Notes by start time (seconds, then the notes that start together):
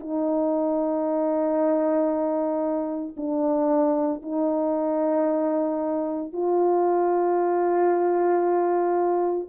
0.00 D#4
3.17 D4
4.22 D#4
6.33 F4